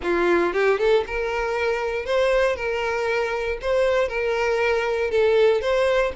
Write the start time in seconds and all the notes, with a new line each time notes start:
0.02 F4
0.53 G4
0.79 A4
1.06 A#4
2.05 C5
2.55 A#4
3.61 C5
4.08 A#4
5.10 A4
5.61 C5